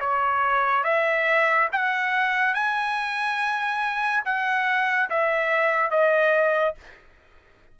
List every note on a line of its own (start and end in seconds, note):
0.00 0.83 C#5
0.83 1.68 E5
1.72 2.54 F#5
2.54 4.23 G#5
4.24 5.09 F#5
5.09 5.90 E5
5.90 6.75 D#5